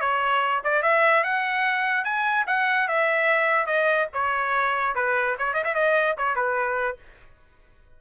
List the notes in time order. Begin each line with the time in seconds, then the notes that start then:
0.00 C#5
0.64 D5
0.82 E5
1.23 F#5
2.04 G#5
2.47 F#5
2.88 E5
3.66 D#5
4.13 C#5
4.95 B4
5.38 C#5
5.53 D#5
5.64 E5
5.74 D#5
6.17 C#5
6.35 B4